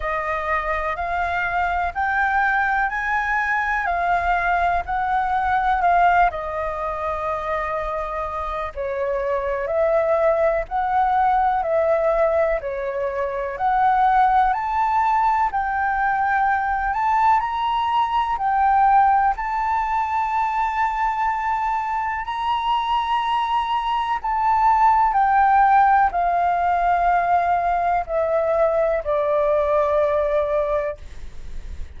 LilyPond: \new Staff \with { instrumentName = "flute" } { \time 4/4 \tempo 4 = 62 dis''4 f''4 g''4 gis''4 | f''4 fis''4 f''8 dis''4.~ | dis''4 cis''4 e''4 fis''4 | e''4 cis''4 fis''4 a''4 |
g''4. a''8 ais''4 g''4 | a''2. ais''4~ | ais''4 a''4 g''4 f''4~ | f''4 e''4 d''2 | }